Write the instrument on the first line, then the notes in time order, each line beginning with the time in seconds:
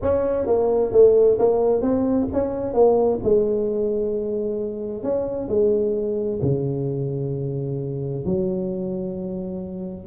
tuba
0.01 C#4
0.46 A#3
0.92 A3
1.38 A#3
1.81 C4
2.33 C#4
2.73 A#3
3.23 G#3
5.03 C#4
5.48 G#3
6.41 C#3
8.25 F#3